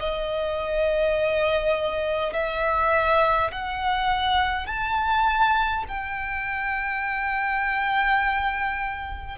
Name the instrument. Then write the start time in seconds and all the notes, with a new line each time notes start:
violin
0.00 D#5
2.33 E5
3.52 F#5
4.67 A5
5.89 G5